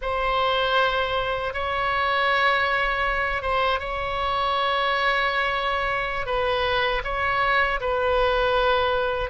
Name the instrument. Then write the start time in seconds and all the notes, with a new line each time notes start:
oboe
0.01 C5
1.53 C#5
3.42 C5
3.79 C#5
6.26 B4
7.04 C#5
7.80 B4